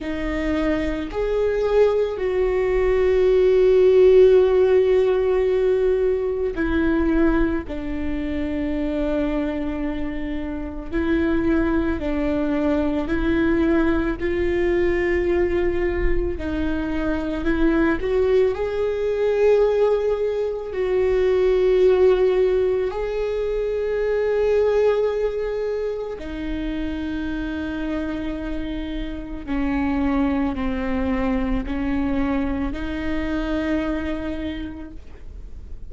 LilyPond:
\new Staff \with { instrumentName = "viola" } { \time 4/4 \tempo 4 = 55 dis'4 gis'4 fis'2~ | fis'2 e'4 d'4~ | d'2 e'4 d'4 | e'4 f'2 dis'4 |
e'8 fis'8 gis'2 fis'4~ | fis'4 gis'2. | dis'2. cis'4 | c'4 cis'4 dis'2 | }